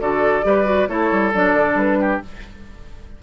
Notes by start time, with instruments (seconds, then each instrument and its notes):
0.00 bassoon D3, clarinet F#4, oboe A4, flute D5
0.43 bassoon G3, clarinet G4, oboe B4
0.64 clarinet F#4
0.88 bassoon A3, clarinet E4, oboe A4, flute C#5
1.11 bassoon G3
1.34 bassoon F#3, clarinet D4, flute D5
1.53 bassoon D3
1.74 bassoon G3, flute B4
1.99 oboe G4